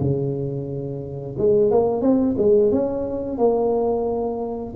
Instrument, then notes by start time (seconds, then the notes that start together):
tuba
0.00 C#3
1.38 G#3
1.71 A#3
2.01 C4
2.38 G#3
2.71 C#4
3.38 A#3